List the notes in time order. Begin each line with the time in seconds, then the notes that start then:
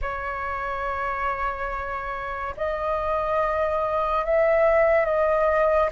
0.01 C#5
2.56 D#5
4.25 E5
5.05 D#5